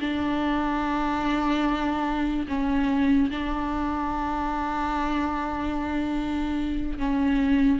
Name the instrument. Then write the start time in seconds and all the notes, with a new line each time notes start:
viola
0.00 D4
2.48 C#4
3.30 D4
6.98 C#4